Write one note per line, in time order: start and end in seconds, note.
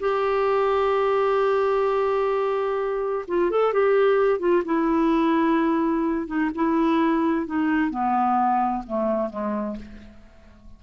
0.00 3.26 G4
3.28 3.51 F4
3.51 3.73 A4
3.73 4.40 G4
4.40 4.63 F4
4.65 6.27 E4
6.27 6.51 D#4
6.55 7.47 E4
7.47 7.90 D#4
7.90 8.84 B3
8.87 9.30 A3
9.30 9.77 G#3